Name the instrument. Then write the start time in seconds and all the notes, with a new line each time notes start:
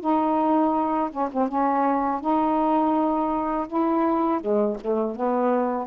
saxophone
0.00 D#4
1.10 C#4
1.32 C4
1.48 C#4
2.21 D#4
3.67 E4
4.40 G#3
4.81 A3
5.15 B3